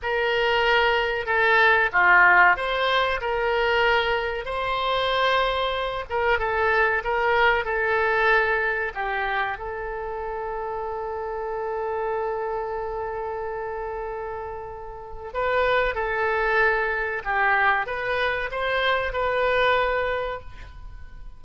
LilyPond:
\new Staff \with { instrumentName = "oboe" } { \time 4/4 \tempo 4 = 94 ais'2 a'4 f'4 | c''4 ais'2 c''4~ | c''4. ais'8 a'4 ais'4 | a'2 g'4 a'4~ |
a'1~ | a'1 | b'4 a'2 g'4 | b'4 c''4 b'2 | }